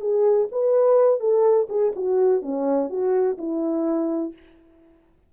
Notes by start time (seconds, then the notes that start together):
0.00 G#4
0.51 B4
1.20 A4
1.69 G#4
1.95 F#4
2.42 C#4
2.89 F#4
3.37 E4